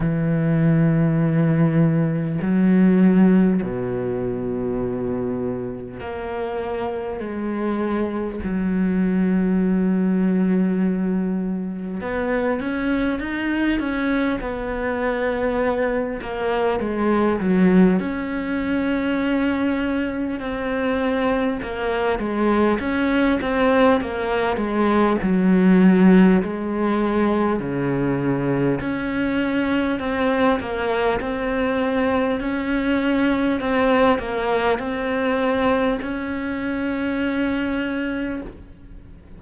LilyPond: \new Staff \with { instrumentName = "cello" } { \time 4/4 \tempo 4 = 50 e2 fis4 b,4~ | b,4 ais4 gis4 fis4~ | fis2 b8 cis'8 dis'8 cis'8 | b4. ais8 gis8 fis8 cis'4~ |
cis'4 c'4 ais8 gis8 cis'8 c'8 | ais8 gis8 fis4 gis4 cis4 | cis'4 c'8 ais8 c'4 cis'4 | c'8 ais8 c'4 cis'2 | }